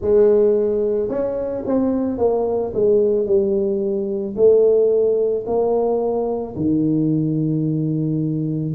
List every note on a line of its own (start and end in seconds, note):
0.01 1.09 G#3
1.09 1.63 C#4
1.65 2.18 C4
2.18 2.72 A#3
2.73 3.26 G#3
3.26 4.35 G3
4.35 5.44 A3
5.46 6.55 A#3
6.56 8.74 D#3